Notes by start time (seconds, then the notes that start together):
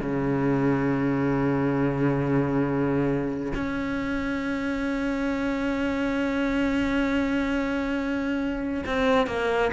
0.00 C#3
3.55 C#4
8.86 C4
9.27 A#3